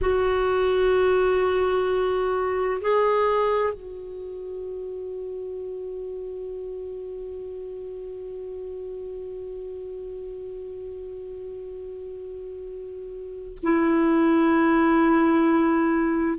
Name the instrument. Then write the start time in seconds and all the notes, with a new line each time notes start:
clarinet
0.01 F#4
2.81 G#4
3.73 F#4
13.62 E4